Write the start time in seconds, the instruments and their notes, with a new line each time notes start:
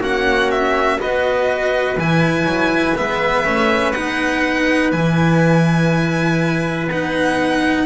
0.00 double bass A#3, cello C#4, trumpet F#4, violin F#5
0.51 violin E5
0.98 double bass B3, cello F#4, trumpet B4, violin D#5
1.97 double bass E3, cello E4, violin G#5
2.44 double bass F#3
2.95 double bass G#3, cello B3, violin E5
3.45 double bass A3, cello C#4
3.92 double bass B3, cello D#4, violin F#5
4.92 double bass E3, cello E4, violin G#5
6.89 double bass B3, cello D#4, violin F#5